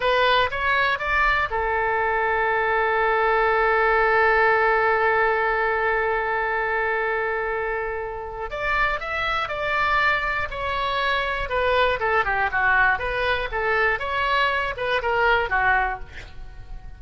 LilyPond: \new Staff \with { instrumentName = "oboe" } { \time 4/4 \tempo 4 = 120 b'4 cis''4 d''4 a'4~ | a'1~ | a'1~ | a'1~ |
a'4 d''4 e''4 d''4~ | d''4 cis''2 b'4 | a'8 g'8 fis'4 b'4 a'4 | cis''4. b'8 ais'4 fis'4 | }